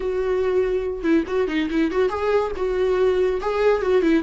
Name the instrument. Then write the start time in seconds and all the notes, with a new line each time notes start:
viola
0.00 F#4
1.03 E4
1.27 F#4
1.47 D#4
1.70 E4
1.91 F#4
2.09 G#4
2.56 F#4
3.41 G#4
3.81 F#4
4.01 E4